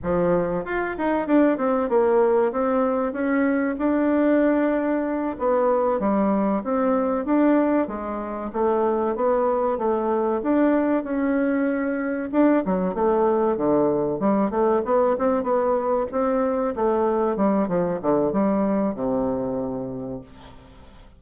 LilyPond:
\new Staff \with { instrumentName = "bassoon" } { \time 4/4 \tempo 4 = 95 f4 f'8 dis'8 d'8 c'8 ais4 | c'4 cis'4 d'2~ | d'8 b4 g4 c'4 d'8~ | d'8 gis4 a4 b4 a8~ |
a8 d'4 cis'2 d'8 | fis8 a4 d4 g8 a8 b8 | c'8 b4 c'4 a4 g8 | f8 d8 g4 c2 | }